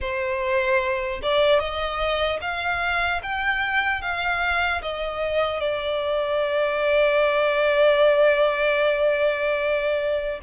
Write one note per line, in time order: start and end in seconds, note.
0.00 1.20 C5
1.22 1.59 D5
1.59 2.39 D#5
2.41 3.21 F5
3.23 4.01 G5
4.01 4.81 F5
4.81 5.60 D#5
5.60 10.40 D5